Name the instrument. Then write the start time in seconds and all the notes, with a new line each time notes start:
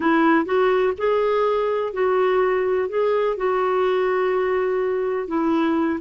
clarinet
0.00 E4
0.45 F#4
0.97 G#4
1.93 F#4
2.88 G#4
3.36 F#4
5.27 E4